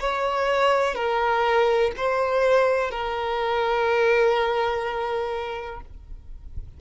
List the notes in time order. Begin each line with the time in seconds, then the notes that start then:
0.00 C#5
0.95 A#4
1.97 C5
2.91 A#4